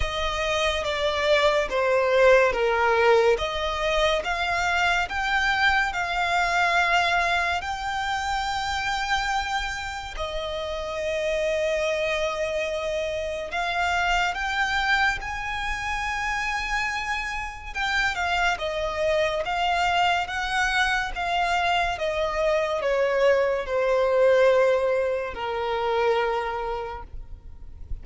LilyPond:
\new Staff \with { instrumentName = "violin" } { \time 4/4 \tempo 4 = 71 dis''4 d''4 c''4 ais'4 | dis''4 f''4 g''4 f''4~ | f''4 g''2. | dis''1 |
f''4 g''4 gis''2~ | gis''4 g''8 f''8 dis''4 f''4 | fis''4 f''4 dis''4 cis''4 | c''2 ais'2 | }